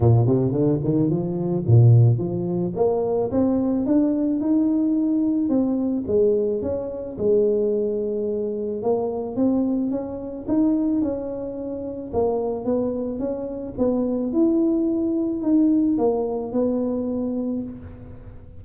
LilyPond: \new Staff \with { instrumentName = "tuba" } { \time 4/4 \tempo 4 = 109 ais,8 c8 d8 dis8 f4 ais,4 | f4 ais4 c'4 d'4 | dis'2 c'4 gis4 | cis'4 gis2. |
ais4 c'4 cis'4 dis'4 | cis'2 ais4 b4 | cis'4 b4 e'2 | dis'4 ais4 b2 | }